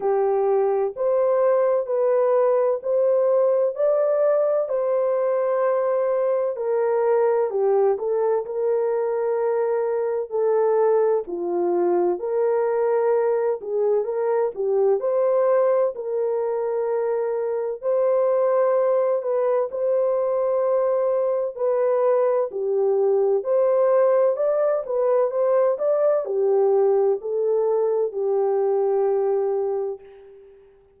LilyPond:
\new Staff \with { instrumentName = "horn" } { \time 4/4 \tempo 4 = 64 g'4 c''4 b'4 c''4 | d''4 c''2 ais'4 | g'8 a'8 ais'2 a'4 | f'4 ais'4. gis'8 ais'8 g'8 |
c''4 ais'2 c''4~ | c''8 b'8 c''2 b'4 | g'4 c''4 d''8 b'8 c''8 d''8 | g'4 a'4 g'2 | }